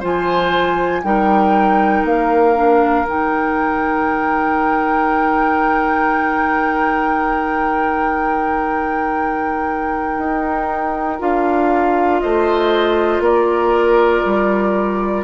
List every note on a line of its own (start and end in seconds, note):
0.00 1.04 F3
0.00 1.03 F4
0.00 1.02 C5
0.00 1.04 G#5
1.04 2.04 G3
1.04 2.55 D#4
1.04 12.22 A#4
1.04 2.06 G5
2.04 3.05 A#3
2.04 3.08 F5
2.55 3.06 D4
3.05 10.17 D#3
3.05 11.19 D#4
3.05 11.21 G5
10.18 11.20 D#4
11.19 12.22 D4
11.19 15.24 F4
11.19 12.20 F5
12.20 13.20 A3
12.20 13.24 C5
12.20 13.22 D#5
13.20 14.22 A#3
13.20 15.24 A#4
13.20 15.24 D5
14.25 15.24 G3